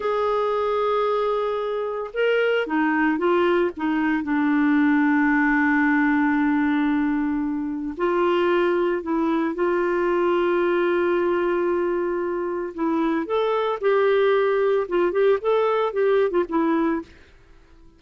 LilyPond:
\new Staff \with { instrumentName = "clarinet" } { \time 4/4 \tempo 4 = 113 gis'1 | ais'4 dis'4 f'4 dis'4 | d'1~ | d'2. f'4~ |
f'4 e'4 f'2~ | f'1 | e'4 a'4 g'2 | f'8 g'8 a'4 g'8. f'16 e'4 | }